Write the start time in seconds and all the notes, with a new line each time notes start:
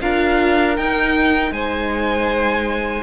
0.00 D4 F4 A#4 F5
0.76 D#4 G5
1.51 G#3 C5 G#5